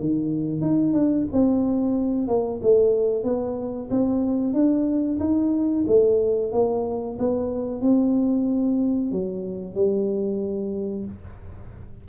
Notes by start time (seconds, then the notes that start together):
0.00 D#3
0.61 D#4
0.93 D4
1.32 C4
2.28 A#3
2.62 A3
3.24 B3
3.90 C4
4.54 D4
5.20 D#4
5.87 A3
6.52 A#3
7.19 B3
7.81 C4
9.12 F#3
9.75 G3